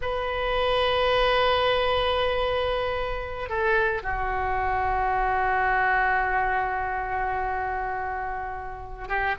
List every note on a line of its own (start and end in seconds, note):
0.01 3.49 B4
3.49 4.02 A4
4.03 9.08 F#4
9.08 9.35 G4